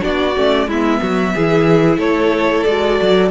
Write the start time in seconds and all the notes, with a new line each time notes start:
0.00 B3 D4 F#4 D5
0.37 A3 C#4
0.67 G#3 B3 E4 E5
1.02 F#3 F#4
1.35 E3 E4 G#4
1.98 A3 A4 C#5
2.64 G#3 F#4 D5
3.02 F#3